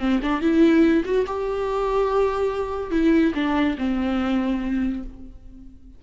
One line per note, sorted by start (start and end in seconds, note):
0.00 0.21 C4
0.23 0.41 D4
0.41 1.04 E4
1.05 1.26 F#4
1.27 2.92 G4
2.92 3.33 E4
3.35 3.77 D4
3.78 5.03 C4